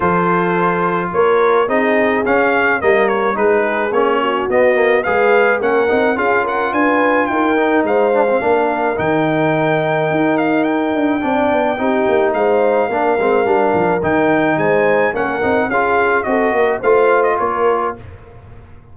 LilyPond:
<<
  \new Staff \with { instrumentName = "trumpet" } { \time 4/4 \tempo 4 = 107 c''2 cis''4 dis''4 | f''4 dis''8 cis''8 b'4 cis''4 | dis''4 f''4 fis''4 f''8 fis''8 | gis''4 g''4 f''2 |
g''2~ g''8 f''8 g''4~ | g''2 f''2~ | f''4 g''4 gis''4 fis''4 | f''4 dis''4 f''8. dis''16 cis''4 | }
  \new Staff \with { instrumentName = "horn" } { \time 4/4 a'2 ais'4 gis'4~ | gis'4 ais'4 gis'4. fis'8~ | fis'4 b'4 ais'4 gis'8 ais'8 | b'4 ais'4 c''4 ais'4~ |
ais'1 | d''4 g'4 c''4 ais'4~ | ais'2 c''4 ais'4 | gis'4 a'8 ais'8 c''4 ais'4 | }
  \new Staff \with { instrumentName = "trombone" } { \time 4/4 f'2. dis'4 | cis'4 ais4 dis'4 cis'4 | b8 ais8 gis'4 cis'8 dis'8 f'4~ | f'4. dis'4 d'16 c'16 d'4 |
dis'1 | d'4 dis'2 d'8 c'8 | d'4 dis'2 cis'8 dis'8 | f'4 fis'4 f'2 | }
  \new Staff \with { instrumentName = "tuba" } { \time 4/4 f2 ais4 c'4 | cis'4 g4 gis4 ais4 | b4 gis4 ais8 c'8 cis'4 | d'4 dis'4 gis4 ais4 |
dis2 dis'4. d'8 | c'8 b8 c'8 ais8 gis4 ais8 gis8 | g8 f8 dis4 gis4 ais8 c'8 | cis'4 c'8 ais8 a4 ais4 | }
>>